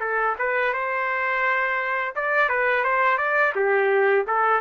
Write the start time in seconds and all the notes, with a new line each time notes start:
0.00 A4
0.38 B4
0.73 C5
2.15 D5
2.49 B4
2.84 C5
3.18 D5
3.55 G4
4.27 A4